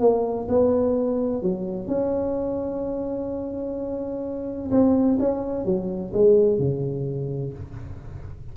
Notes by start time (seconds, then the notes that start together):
0.00 A#3
0.48 B3
1.42 F#3
1.87 C#4
4.71 C4
5.19 C#4
5.65 F#3
6.13 G#3
6.59 C#3